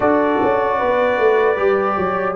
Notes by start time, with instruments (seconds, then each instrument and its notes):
0.00 tuba D4, trombone F#4, horn A4, trumpet D5
0.43 tuba C#4
0.77 tuba B3, horn B4
1.18 tuba A3
1.56 tuba G3, trombone G4
1.96 tuba F#3, horn C#5